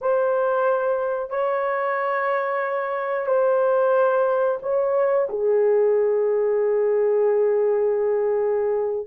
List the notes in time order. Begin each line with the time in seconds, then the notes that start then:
0.01 C5
1.30 C#5
3.26 C5
4.62 C#5
5.29 G#4